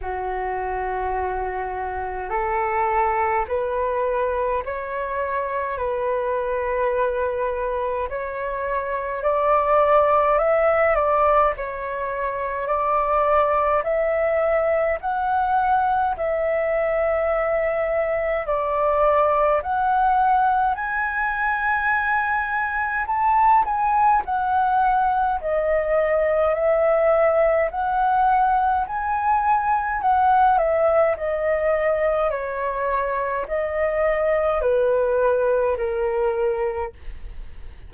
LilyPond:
\new Staff \with { instrumentName = "flute" } { \time 4/4 \tempo 4 = 52 fis'2 a'4 b'4 | cis''4 b'2 cis''4 | d''4 e''8 d''8 cis''4 d''4 | e''4 fis''4 e''2 |
d''4 fis''4 gis''2 | a''8 gis''8 fis''4 dis''4 e''4 | fis''4 gis''4 fis''8 e''8 dis''4 | cis''4 dis''4 b'4 ais'4 | }